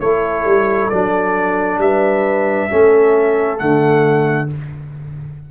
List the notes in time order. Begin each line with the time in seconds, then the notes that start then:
0.00 A3 E4 A4 C#5
0.44 G3
0.89 F#3 D4 D5
1.78 G3 B4 E5
2.70 A3 C#4 A4
3.58 D3 A3 F#5